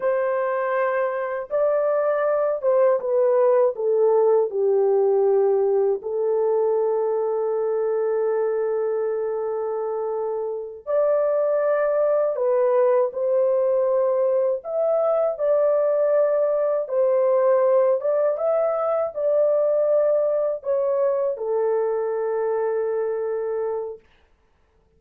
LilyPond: \new Staff \with { instrumentName = "horn" } { \time 4/4 \tempo 4 = 80 c''2 d''4. c''8 | b'4 a'4 g'2 | a'1~ | a'2~ a'8 d''4.~ |
d''8 b'4 c''2 e''8~ | e''8 d''2 c''4. | d''8 e''4 d''2 cis''8~ | cis''8 a'2.~ a'8 | }